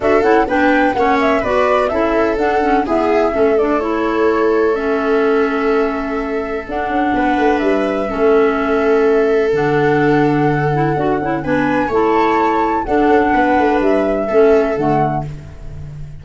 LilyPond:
<<
  \new Staff \with { instrumentName = "flute" } { \time 4/4 \tempo 4 = 126 e''8 fis''8 g''4 fis''8 e''8 d''4 | e''4 fis''4 e''4. d''8 | cis''2 e''2~ | e''2 fis''2 |
e''1 | fis''1 | gis''4 a''2 fis''4~ | fis''4 e''2 fis''4 | }
  \new Staff \with { instrumentName = "viola" } { \time 4/4 a'4 b'4 cis''4 b'4 | a'2 gis'4 a'4~ | a'1~ | a'2. b'4~ |
b'4 a'2.~ | a'1 | b'4 cis''2 a'4 | b'2 a'2 | }
  \new Staff \with { instrumentName = "clarinet" } { \time 4/4 fis'8 e'8 d'4 cis'4 fis'4 | e'4 d'8 cis'8 b4 cis'8 d'8 | e'2 cis'2~ | cis'2 d'2~ |
d'4 cis'2. | d'2~ d'8 e'8 fis'8 e'8 | d'4 e'2 d'4~ | d'2 cis'4 a4 | }
  \new Staff \with { instrumentName = "tuba" } { \time 4/4 d'8 cis'8 b4 ais4 b4 | cis'4 d'4 e'4 a4~ | a1~ | a2 d'8 cis'8 b8 a8 |
g4 a2. | d2. d'8 cis'8 | b4 a2 d'8 cis'8 | b8 a8 g4 a4 d4 | }
>>